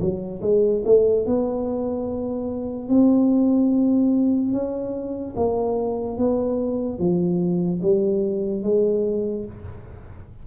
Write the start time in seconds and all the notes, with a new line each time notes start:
0.00 F#3
0.41 G#3
0.85 A3
1.26 B3
2.89 C4
4.52 C#4
5.36 A#3
6.18 B3
6.99 F3
7.82 G3
8.63 G#3